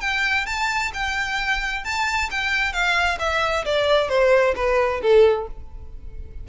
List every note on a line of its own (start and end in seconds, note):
0.00 0.45 G5
0.46 0.91 A5
0.93 1.84 G5
1.84 2.30 A5
2.31 2.73 G5
2.73 3.18 F5
3.19 3.65 E5
3.65 4.09 D5
4.09 4.54 C5
4.55 5.01 B4
5.02 5.47 A4